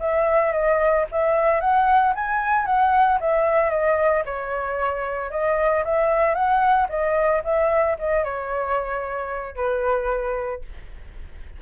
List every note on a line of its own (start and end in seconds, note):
0.00 0.53 E5
0.53 1.06 D#5
1.12 1.61 E5
1.61 2.14 F#5
2.16 2.66 G#5
2.66 3.20 F#5
3.21 3.71 E5
3.71 4.24 D#5
4.26 5.31 C#5
5.31 5.84 D#5
5.85 6.35 E5
6.35 6.88 F#5
6.90 7.43 D#5
7.44 7.97 E5
7.99 8.25 D#5
8.25 9.56 C#5
9.56 10.62 B4